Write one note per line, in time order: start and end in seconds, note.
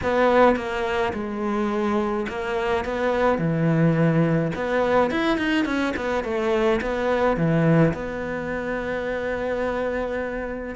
0.03 0.56 B3
0.56 1.12 A#3
1.13 2.26 G#3
2.28 2.85 A#3
2.85 3.38 B3
3.38 4.51 E3
4.55 5.10 B3
5.10 5.37 E4
5.37 5.65 D#4
5.65 5.93 C#4
5.96 6.24 B3
6.24 6.80 A3
6.81 7.36 B3
7.36 7.93 E3
7.93 10.75 B3